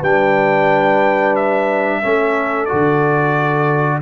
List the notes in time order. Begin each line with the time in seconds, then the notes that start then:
0.00 G3 D4 B4 G5
1.36 E5
2.03 A3 C#4 A4
2.66 F#4 D5
2.73 D3